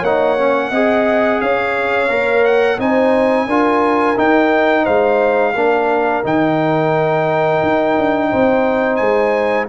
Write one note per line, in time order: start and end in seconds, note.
0.00 0.71 A#3
0.00 0.38 D#4
0.00 0.69 C#5
0.00 1.41 F#5
0.38 0.72 C#4
0.71 1.40 C4
0.71 2.09 G#4
0.71 1.40 D#5
1.41 2.09 C#4
1.41 2.80 C#5
1.41 2.44 F5
2.09 2.78 A#3
2.09 2.78 A#4
2.44 2.79 F#5
2.79 3.47 C4
2.79 3.48 D#4
2.79 3.47 C5
2.79 4.18 G#5
3.47 4.16 D4
3.47 4.16 F4
3.47 4.83 A#4
4.16 5.54 D#4
4.16 4.87 D#4
4.16 4.86 G5
4.83 5.55 G#3
4.83 5.52 C5
4.83 6.24 F5
5.55 6.24 A#3
5.55 6.24 D4
5.55 8.30 A#4
6.24 7.62 D#3
6.24 9.68 D#4
6.24 8.96 G5
7.63 7.97 D#4
7.98 8.32 D4
8.30 9.00 C4
8.30 9.68 C5
8.96 9.69 G#3
8.96 9.65 G#5